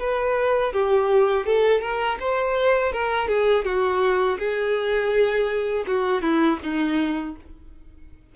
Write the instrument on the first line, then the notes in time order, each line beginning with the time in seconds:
violin
0.00 B4
0.73 G4
1.47 A4
1.82 A#4
2.20 C5
2.93 A#4
3.29 G#4
3.65 F#4
4.39 G#4
5.88 F#4
6.23 E4
6.63 D#4